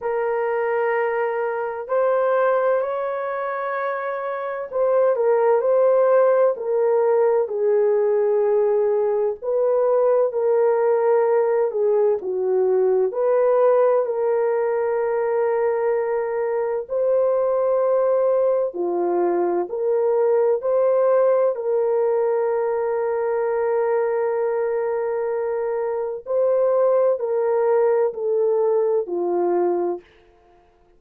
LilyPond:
\new Staff \with { instrumentName = "horn" } { \time 4/4 \tempo 4 = 64 ais'2 c''4 cis''4~ | cis''4 c''8 ais'8 c''4 ais'4 | gis'2 b'4 ais'4~ | ais'8 gis'8 fis'4 b'4 ais'4~ |
ais'2 c''2 | f'4 ais'4 c''4 ais'4~ | ais'1 | c''4 ais'4 a'4 f'4 | }